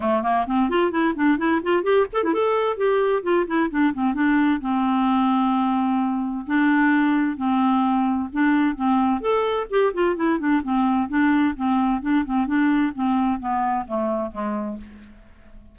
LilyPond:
\new Staff \with { instrumentName = "clarinet" } { \time 4/4 \tempo 4 = 130 a8 ais8 c'8 f'8 e'8 d'8 e'8 f'8 | g'8 a'16 e'16 a'4 g'4 f'8 e'8 | d'8 c'8 d'4 c'2~ | c'2 d'2 |
c'2 d'4 c'4 | a'4 g'8 f'8 e'8 d'8 c'4 | d'4 c'4 d'8 c'8 d'4 | c'4 b4 a4 gis4 | }